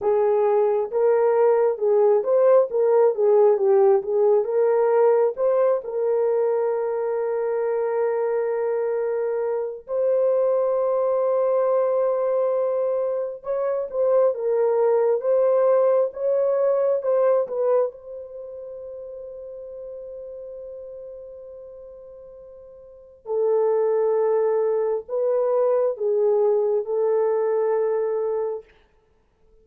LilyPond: \new Staff \with { instrumentName = "horn" } { \time 4/4 \tempo 4 = 67 gis'4 ais'4 gis'8 c''8 ais'8 gis'8 | g'8 gis'8 ais'4 c''8 ais'4.~ | ais'2. c''4~ | c''2. cis''8 c''8 |
ais'4 c''4 cis''4 c''8 b'8 | c''1~ | c''2 a'2 | b'4 gis'4 a'2 | }